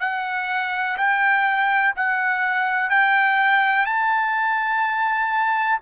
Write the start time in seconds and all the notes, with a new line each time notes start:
0.00 F#5
0.97 G5
1.95 F#5
2.89 G5
3.86 A5